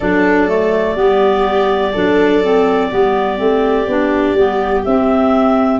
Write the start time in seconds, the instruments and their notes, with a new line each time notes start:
0.00 tuba F#3, clarinet D4 D5, viola A4
0.48 clarinet A3
0.95 tuba G3, clarinet B3, viola G4
1.92 tuba F#3, clarinet D4, viola A4
2.43 clarinet C4
2.91 tuba G3, clarinet B3, viola G4
3.37 tuba A3, clarinet C4
3.87 tuba B3, clarinet D4
4.33 tuba G3, clarinet B3
4.84 tuba C4, clarinet C4 E5